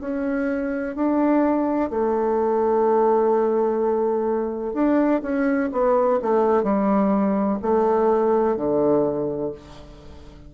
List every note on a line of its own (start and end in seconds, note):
0.00 0.95 C#4
0.96 1.90 D4
1.90 4.74 A3
4.74 5.21 D4
5.22 5.70 C#4
5.72 6.19 B3
6.22 6.63 A3
6.63 7.58 G3
7.62 8.56 A3
8.56 9.52 D3